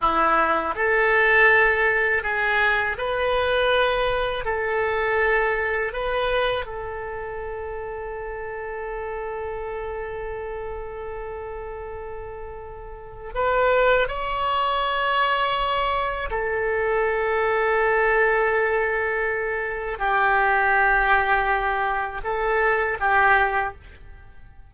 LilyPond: \new Staff \with { instrumentName = "oboe" } { \time 4/4 \tempo 4 = 81 e'4 a'2 gis'4 | b'2 a'2 | b'4 a'2.~ | a'1~ |
a'2 b'4 cis''4~ | cis''2 a'2~ | a'2. g'4~ | g'2 a'4 g'4 | }